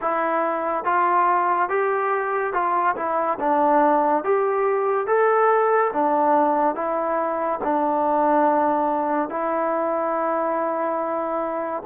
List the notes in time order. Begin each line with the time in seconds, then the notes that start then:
0.01 E4
0.84 F4
1.69 G4
2.53 F4
2.96 E4
3.39 D4
4.23 G4
5.06 A4
5.93 D4
6.75 E4
7.63 D4
9.29 E4